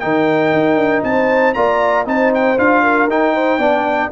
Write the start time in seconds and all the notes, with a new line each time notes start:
0.00 D#3 D#4 A#4 G5
0.54 D#4
0.76 D4
1.04 C4 C5 A5
1.54 A#3 F4 D5 A#5
2.06 C4 D#4 C5 A5
2.35 G5
2.58 D4 F4 F5
2.83 A#4
3.08 D#4 G5
3.34 C5
3.59 B3 D4 D5